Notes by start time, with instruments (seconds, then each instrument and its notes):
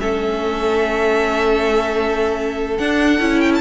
0.00 cello A3, viola C#4, violin A4 E5
2.78 cello D4, viola D4, violin F#5
3.20 cello C#4, viola E4
3.41 violin G5
3.55 violin A5